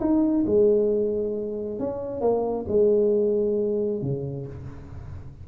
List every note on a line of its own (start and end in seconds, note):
0.00 0.44 D#4
0.46 1.79 G#3
1.79 2.21 C#4
2.21 2.65 A#3
2.68 4.01 G#3
4.02 4.46 C#3